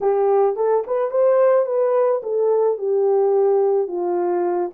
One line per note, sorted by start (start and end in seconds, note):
0.00 0.56 G4
0.56 0.84 A4
0.86 1.10 B4
1.10 1.65 C5
1.65 2.21 B4
2.22 2.78 A4
2.78 3.87 G4
3.87 4.71 F4